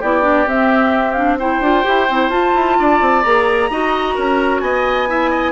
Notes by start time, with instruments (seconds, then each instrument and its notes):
0.00 bassoon B3, clarinet E4, oboe G4, flute D5
0.22 clarinet D4
0.47 bassoon C4, clarinet C4, flute E5
1.13 clarinet D4, flute F5
1.39 clarinet E4, oboe C5, flute G5
1.60 bassoon D4, clarinet F4
1.84 bassoon E4, clarinet G4
2.10 bassoon C4, clarinet E4
2.29 bassoon F4, clarinet F4, flute A5
2.55 bassoon E4
2.79 bassoon D4, oboe D5
3.01 bassoon C4
3.23 bassoon A#3, clarinet G#4, flute A#5
3.70 bassoon D#4, clarinet F#4, oboe D#5
4.15 bassoon C#4, oboe A#4
4.60 bassoon B3, oboe D#5, flute G#5
5.08 clarinet E4, oboe E5
5.30 oboe D#5